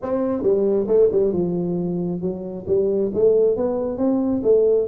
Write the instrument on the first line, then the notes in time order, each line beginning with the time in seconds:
tuba
0.02 C4
0.42 G3
0.87 A3
1.12 G3
1.32 F3
2.21 F#3
2.67 G3
3.14 A3
3.56 B3
3.97 C4
4.43 A3